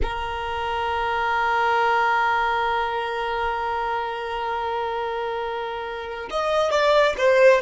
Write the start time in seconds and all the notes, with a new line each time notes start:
0.02 A#4
6.30 D#5
6.70 D5
7.17 C5